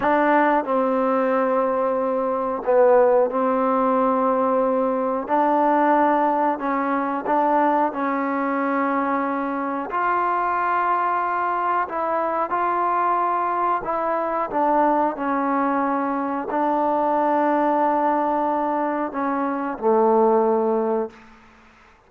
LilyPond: \new Staff \with { instrumentName = "trombone" } { \time 4/4 \tempo 4 = 91 d'4 c'2. | b4 c'2. | d'2 cis'4 d'4 | cis'2. f'4~ |
f'2 e'4 f'4~ | f'4 e'4 d'4 cis'4~ | cis'4 d'2.~ | d'4 cis'4 a2 | }